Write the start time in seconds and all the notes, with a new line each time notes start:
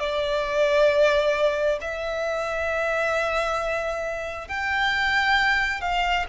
0.00 D5
1.82 E5
4.49 G5
5.81 F5